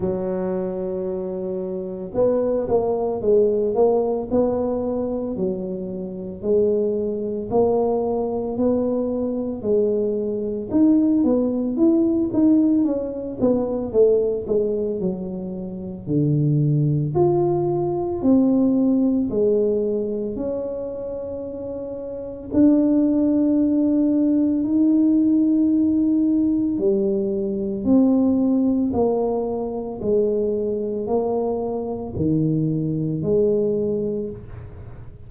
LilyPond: \new Staff \with { instrumentName = "tuba" } { \time 4/4 \tempo 4 = 56 fis2 b8 ais8 gis8 ais8 | b4 fis4 gis4 ais4 | b4 gis4 dis'8 b8 e'8 dis'8 | cis'8 b8 a8 gis8 fis4 d4 |
f'4 c'4 gis4 cis'4~ | cis'4 d'2 dis'4~ | dis'4 g4 c'4 ais4 | gis4 ais4 dis4 gis4 | }